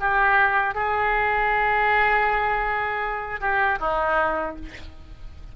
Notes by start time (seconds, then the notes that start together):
0.00 G4
0.75 G#4
3.41 G4
3.80 D#4